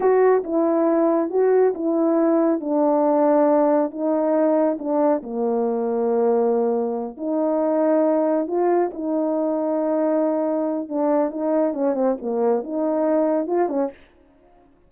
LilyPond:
\new Staff \with { instrumentName = "horn" } { \time 4/4 \tempo 4 = 138 fis'4 e'2 fis'4 | e'2 d'2~ | d'4 dis'2 d'4 | ais1~ |
ais8 dis'2. f'8~ | f'8 dis'2.~ dis'8~ | dis'4 d'4 dis'4 cis'8 c'8 | ais4 dis'2 f'8 cis'8 | }